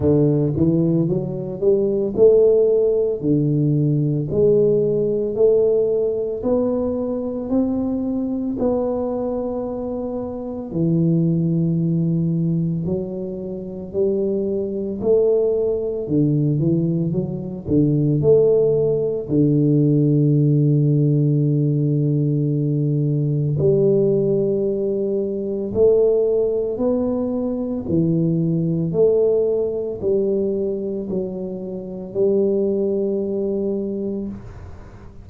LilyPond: \new Staff \with { instrumentName = "tuba" } { \time 4/4 \tempo 4 = 56 d8 e8 fis8 g8 a4 d4 | gis4 a4 b4 c'4 | b2 e2 | fis4 g4 a4 d8 e8 |
fis8 d8 a4 d2~ | d2 g2 | a4 b4 e4 a4 | g4 fis4 g2 | }